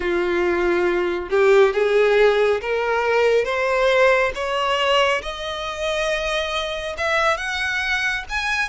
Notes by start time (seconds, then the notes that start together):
0.00 F4
1.30 G4
1.74 G#4
2.61 A#4
3.45 C5
4.34 C#5
5.22 D#5
6.97 E5
7.37 F#5
8.29 G#5